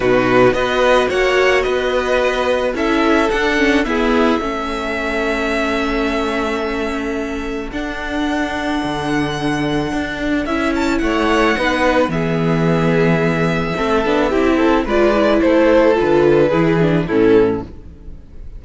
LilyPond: <<
  \new Staff \with { instrumentName = "violin" } { \time 4/4 \tempo 4 = 109 b'4 dis''4 fis''4 dis''4~ | dis''4 e''4 fis''4 e''4~ | e''1~ | e''2 fis''2~ |
fis''2. e''8 a''8 | fis''2 e''2~ | e''2. d''4 | c''4 b'2 a'4 | }
  \new Staff \with { instrumentName = "violin" } { \time 4/4 fis'4 b'4 cis''4 b'4~ | b'4 a'2 gis'4 | a'1~ | a'1~ |
a'1 | cis''4 b'4 gis'2~ | gis'4 a'4 g'8 a'8 b'4 | a'2 gis'4 e'4 | }
  \new Staff \with { instrumentName = "viola" } { \time 4/4 dis'4 fis'2.~ | fis'4 e'4 d'8 cis'8 b4 | cis'1~ | cis'2 d'2~ |
d'2. e'4~ | e'4 dis'4 b2~ | b4 c'8 d'8 e'4 f'8 e'8~ | e'4 f'4 e'8 d'8 cis'4 | }
  \new Staff \with { instrumentName = "cello" } { \time 4/4 b,4 b4 ais4 b4~ | b4 cis'4 d'4 e'4 | a1~ | a2 d'2 |
d2 d'4 cis'4 | a4 b4 e2~ | e4 a8 b8 c'4 gis4 | a4 d4 e4 a,4 | }
>>